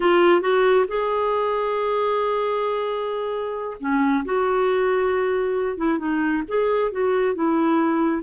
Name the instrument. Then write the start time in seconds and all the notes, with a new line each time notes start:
clarinet
0.00 F4
0.41 F#4
0.88 G#4
3.80 C#4
4.24 F#4
5.77 E4
5.98 D#4
6.48 G#4
6.91 F#4
7.34 E4